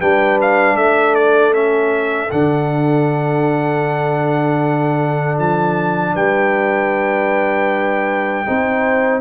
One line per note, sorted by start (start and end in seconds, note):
0.00 0.75 G3
0.00 1.53 D4
0.00 0.77 B4
0.00 0.39 G5
0.41 0.77 F5
0.75 2.29 A3
0.75 6.14 A4
0.75 1.15 E5
1.15 1.54 D5
1.53 2.30 C#4
1.53 2.31 E5
2.31 5.39 D3
2.31 8.46 D4
2.31 5.39 F#5
5.39 6.15 F3
5.39 6.16 A5
6.14 8.46 G3
6.14 8.45 B4
6.14 9.21 G5
8.46 9.21 C4
8.46 9.21 D#4
8.46 9.21 C5